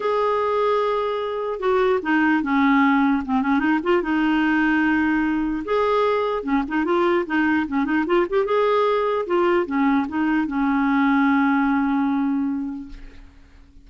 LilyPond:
\new Staff \with { instrumentName = "clarinet" } { \time 4/4 \tempo 4 = 149 gis'1 | fis'4 dis'4 cis'2 | c'8 cis'8 dis'8 f'8 dis'2~ | dis'2 gis'2 |
cis'8 dis'8 f'4 dis'4 cis'8 dis'8 | f'8 g'8 gis'2 f'4 | cis'4 dis'4 cis'2~ | cis'1 | }